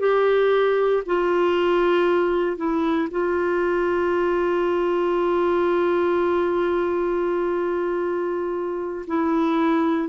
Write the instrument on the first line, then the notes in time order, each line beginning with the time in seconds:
clarinet
0.00 G4
1.06 F4
2.57 E4
3.11 F4
9.08 E4